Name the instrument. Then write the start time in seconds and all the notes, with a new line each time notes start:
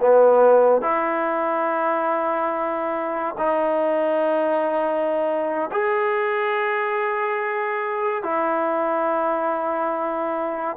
trombone
0.00 B3
0.81 E4
3.38 D#4
5.72 G#4
8.23 E4